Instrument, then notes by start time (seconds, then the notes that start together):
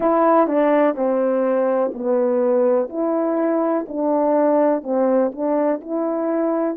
horn
0.00 E4
0.47 D4
0.95 C4
1.94 B3
2.89 E4
3.88 D4
4.83 C4
5.31 D4
5.81 E4